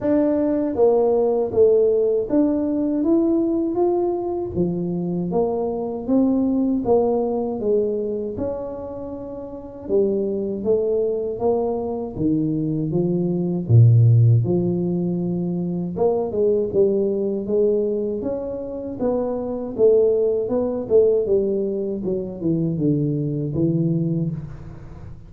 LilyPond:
\new Staff \with { instrumentName = "tuba" } { \time 4/4 \tempo 4 = 79 d'4 ais4 a4 d'4 | e'4 f'4 f4 ais4 | c'4 ais4 gis4 cis'4~ | cis'4 g4 a4 ais4 |
dis4 f4 ais,4 f4~ | f4 ais8 gis8 g4 gis4 | cis'4 b4 a4 b8 a8 | g4 fis8 e8 d4 e4 | }